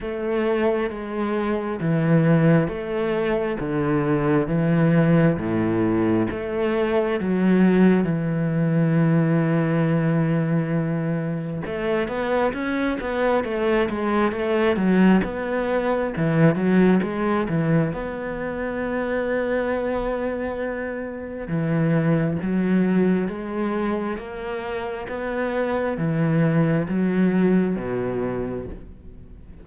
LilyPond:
\new Staff \with { instrumentName = "cello" } { \time 4/4 \tempo 4 = 67 a4 gis4 e4 a4 | d4 e4 a,4 a4 | fis4 e2.~ | e4 a8 b8 cis'8 b8 a8 gis8 |
a8 fis8 b4 e8 fis8 gis8 e8 | b1 | e4 fis4 gis4 ais4 | b4 e4 fis4 b,4 | }